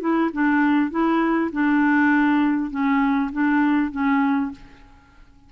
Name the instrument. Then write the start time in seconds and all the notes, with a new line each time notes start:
clarinet
0.00 E4
0.33 D4
0.91 E4
1.52 D4
2.71 C#4
3.32 D4
3.91 C#4